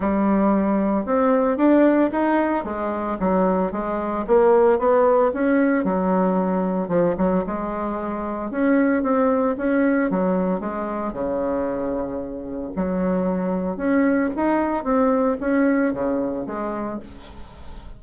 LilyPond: \new Staff \with { instrumentName = "bassoon" } { \time 4/4 \tempo 4 = 113 g2 c'4 d'4 | dis'4 gis4 fis4 gis4 | ais4 b4 cis'4 fis4~ | fis4 f8 fis8 gis2 |
cis'4 c'4 cis'4 fis4 | gis4 cis2. | fis2 cis'4 dis'4 | c'4 cis'4 cis4 gis4 | }